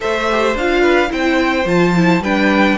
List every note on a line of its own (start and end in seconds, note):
0.00 0.54 A3
0.00 0.27 A4
0.00 0.81 C5
0.00 0.56 E5
0.30 0.58 G4
0.54 1.10 D4
0.54 1.09 F4
0.54 1.12 F5
0.81 1.09 B4
1.09 1.65 C4
1.09 1.64 E4
1.09 2.22 C5
1.09 1.67 G5
1.65 2.20 F3
1.65 1.94 F4
1.65 2.23 A5
1.95 2.23 E4
2.20 2.75 G3
2.20 2.77 D4
2.20 2.77 B4
2.20 2.77 G5